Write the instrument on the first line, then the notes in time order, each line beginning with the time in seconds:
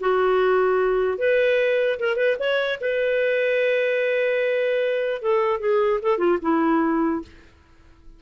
clarinet
0.00 F#4
1.18 B4
1.99 A#4
2.16 B4
2.39 C#5
2.80 B4
5.21 A4
5.60 G#4
6.02 A4
6.18 F4
6.41 E4